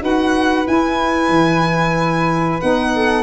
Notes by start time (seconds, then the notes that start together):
0.00 D#4 F#4 B4 F#5
0.66 E4 G#5
1.29 E3
2.60 B3 D#4 F#5
2.95 A4